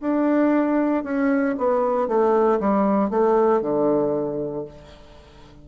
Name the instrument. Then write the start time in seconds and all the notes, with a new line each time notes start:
bassoon
0.00 D4
1.04 C#4
1.58 B3
2.07 A3
2.59 G3
3.10 A3
3.61 D3